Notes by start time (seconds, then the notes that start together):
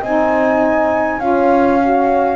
0.00 C4 D#4 D#5 G#5
1.18 C#4 F4 F5
1.24 C#5
1.80 F#4